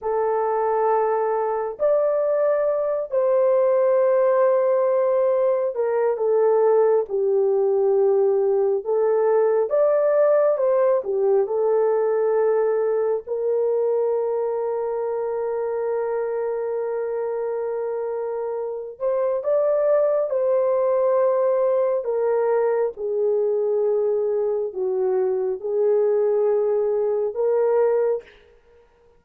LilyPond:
\new Staff \with { instrumentName = "horn" } { \time 4/4 \tempo 4 = 68 a'2 d''4. c''8~ | c''2~ c''8 ais'8 a'4 | g'2 a'4 d''4 | c''8 g'8 a'2 ais'4~ |
ais'1~ | ais'4. c''8 d''4 c''4~ | c''4 ais'4 gis'2 | fis'4 gis'2 ais'4 | }